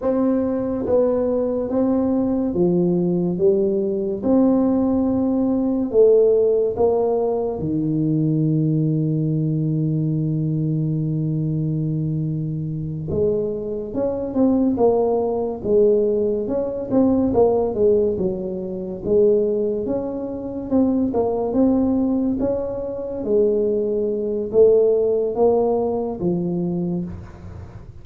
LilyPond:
\new Staff \with { instrumentName = "tuba" } { \time 4/4 \tempo 4 = 71 c'4 b4 c'4 f4 | g4 c'2 a4 | ais4 dis2.~ | dis2.~ dis8 gis8~ |
gis8 cis'8 c'8 ais4 gis4 cis'8 | c'8 ais8 gis8 fis4 gis4 cis'8~ | cis'8 c'8 ais8 c'4 cis'4 gis8~ | gis4 a4 ais4 f4 | }